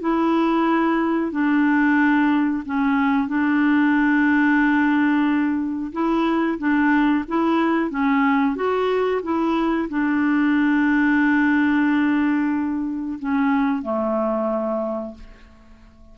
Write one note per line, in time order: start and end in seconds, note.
0.00 1.32 E4
1.32 2.63 D4
2.66 3.28 C#4
3.28 5.92 D4
5.92 6.58 E4
6.58 7.24 D4
7.28 7.90 E4
7.90 8.55 C#4
8.55 9.21 F#4
9.22 9.88 E4
9.89 13.19 D4
13.19 13.83 C#4
13.83 15.14 A3